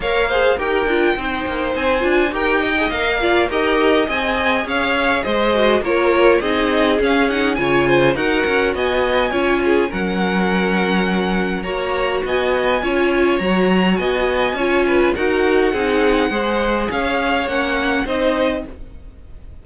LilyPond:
<<
  \new Staff \with { instrumentName = "violin" } { \time 4/4 \tempo 4 = 103 f''4 g''2 gis''4 | g''4 f''4 dis''4 gis''4 | f''4 dis''4 cis''4 dis''4 | f''8 fis''8 gis''4 fis''4 gis''4~ |
gis''4 fis''2. | ais''4 gis''2 ais''4 | gis''2 fis''2~ | fis''4 f''4 fis''4 dis''4 | }
  \new Staff \with { instrumentName = "violin" } { \time 4/4 cis''8 c''8 ais'4 c''2 | ais'8 dis''4 d''8 ais'4 dis''4 | cis''4 c''4 ais'4 gis'4~ | gis'4 cis''8 c''8 ais'4 dis''4 |
cis''8 gis'8 ais'2. | cis''4 dis''4 cis''2 | dis''4 cis''8 b'8 ais'4 gis'4 | c''4 cis''2 c''4 | }
  \new Staff \with { instrumentName = "viola" } { \time 4/4 ais'8 gis'8 g'8 f'8 dis'4. f'8 | g'8. gis'16 ais'8 f'8 g'4 gis'4~ | gis'4. fis'8 f'4 dis'4 | cis'8 dis'8 f'4 fis'2 |
f'4 cis'2. | fis'2 f'4 fis'4~ | fis'4 f'4 fis'4 dis'4 | gis'2 cis'4 dis'4 | }
  \new Staff \with { instrumentName = "cello" } { \time 4/4 ais4 dis'8 d'8 c'8 ais8 c'8 d'8 | dis'4 ais4 dis'4 c'4 | cis'4 gis4 ais4 c'4 | cis'4 cis4 dis'8 cis'8 b4 |
cis'4 fis2. | ais4 b4 cis'4 fis4 | b4 cis'4 dis'4 c'4 | gis4 cis'4 ais4 c'4 | }
>>